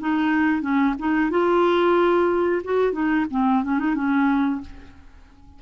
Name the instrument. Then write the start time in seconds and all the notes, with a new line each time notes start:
clarinet
0.00 D#4
0.61 C#4
0.99 D#4
1.30 F4
2.64 F#4
2.93 D#4
3.31 C4
3.64 C#4
3.79 D#4
3.95 C#4